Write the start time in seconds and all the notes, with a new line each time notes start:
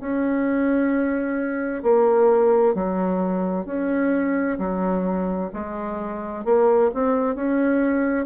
0.00 C#4
1.83 A#3
2.74 F#3
3.65 C#4
4.58 F#3
5.53 G#3
6.44 A#3
6.94 C4
7.35 C#4